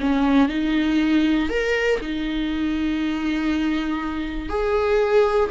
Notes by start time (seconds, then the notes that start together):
0.00 C#4
0.48 D#4
1.49 A#4
2.01 D#4
4.49 G#4